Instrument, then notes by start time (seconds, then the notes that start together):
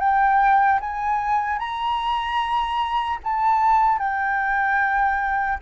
flute
0.00 G5
0.81 G#5
1.59 A#5
3.24 A5
3.99 G5